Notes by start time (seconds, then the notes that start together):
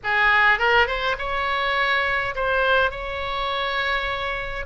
0.03 G#4
0.58 A#4
0.87 C5
1.18 C#5
2.35 C5
2.90 C#5